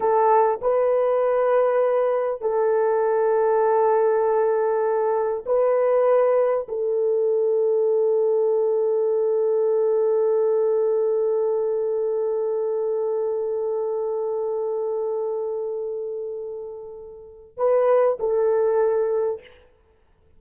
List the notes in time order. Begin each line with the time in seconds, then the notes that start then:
0.00 A4
0.61 B4
2.41 A4
5.45 B4
6.68 A4
17.57 B4
18.19 A4